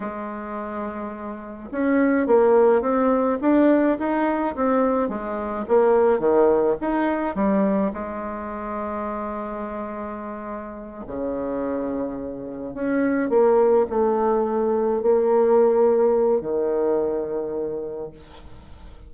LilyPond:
\new Staff \with { instrumentName = "bassoon" } { \time 4/4 \tempo 4 = 106 gis2. cis'4 | ais4 c'4 d'4 dis'4 | c'4 gis4 ais4 dis4 | dis'4 g4 gis2~ |
gis2.~ gis8 cis8~ | cis2~ cis8 cis'4 ais8~ | ais8 a2 ais4.~ | ais4 dis2. | }